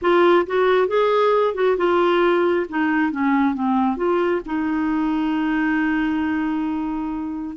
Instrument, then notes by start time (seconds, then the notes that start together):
clarinet
0.01 F4
0.46 F#4
0.87 G#4
1.54 F#4
1.77 F4
2.69 D#4
3.11 C#4
3.54 C4
3.96 F4
4.45 D#4